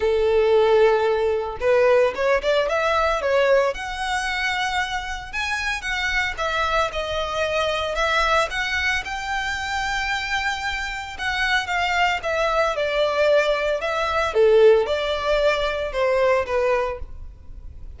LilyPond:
\new Staff \with { instrumentName = "violin" } { \time 4/4 \tempo 4 = 113 a'2. b'4 | cis''8 d''8 e''4 cis''4 fis''4~ | fis''2 gis''4 fis''4 | e''4 dis''2 e''4 |
fis''4 g''2.~ | g''4 fis''4 f''4 e''4 | d''2 e''4 a'4 | d''2 c''4 b'4 | }